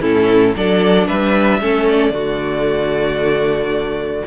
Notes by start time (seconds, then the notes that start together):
0.00 A2 C#4 E4 A4
0.55 F#3 D4 A4 D5
1.07 G3 B4 E5
1.60 A3 C#4 A4
1.88 D5
2.10 D3 A3 F#4